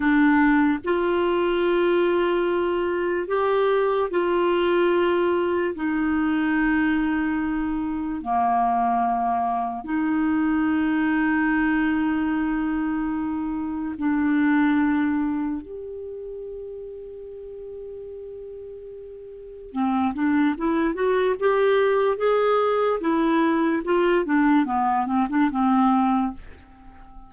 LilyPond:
\new Staff \with { instrumentName = "clarinet" } { \time 4/4 \tempo 4 = 73 d'4 f'2. | g'4 f'2 dis'4~ | dis'2 ais2 | dis'1~ |
dis'4 d'2 g'4~ | g'1 | c'8 d'8 e'8 fis'8 g'4 gis'4 | e'4 f'8 d'8 b8 c'16 d'16 c'4 | }